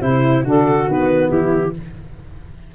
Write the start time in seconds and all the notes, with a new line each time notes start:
0.00 C3 E4 C5
0.44 D3 D4 F#4 A4
0.87 D#3 B3 B4
1.28 E3 E4 G4